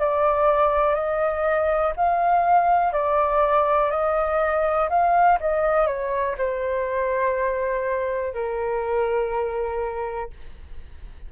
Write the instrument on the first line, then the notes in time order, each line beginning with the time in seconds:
flute
0.00 D5
0.95 D#5
1.97 F5
2.93 D5
3.91 D#5
4.90 F5
5.41 D#5
5.87 C#5
6.38 C5
8.34 A#4